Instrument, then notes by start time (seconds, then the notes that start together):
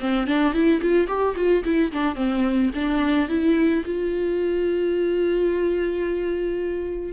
viola
0.00 C4
0.27 D4
0.53 E4
0.81 F4
1.08 G4
1.36 F4
1.64 E4
1.92 D4
2.15 C4
2.74 D4
3.29 E4
3.85 F4